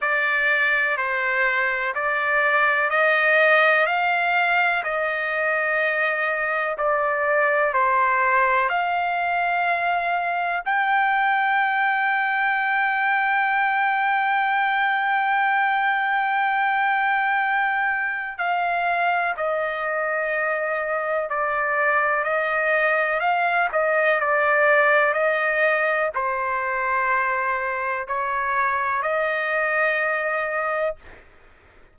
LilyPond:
\new Staff \with { instrumentName = "trumpet" } { \time 4/4 \tempo 4 = 62 d''4 c''4 d''4 dis''4 | f''4 dis''2 d''4 | c''4 f''2 g''4~ | g''1~ |
g''2. f''4 | dis''2 d''4 dis''4 | f''8 dis''8 d''4 dis''4 c''4~ | c''4 cis''4 dis''2 | }